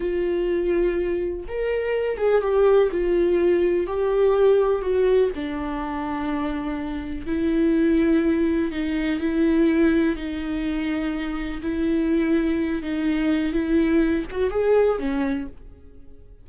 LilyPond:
\new Staff \with { instrumentName = "viola" } { \time 4/4 \tempo 4 = 124 f'2. ais'4~ | ais'8 gis'8 g'4 f'2 | g'2 fis'4 d'4~ | d'2. e'4~ |
e'2 dis'4 e'4~ | e'4 dis'2. | e'2~ e'8 dis'4. | e'4. fis'8 gis'4 cis'4 | }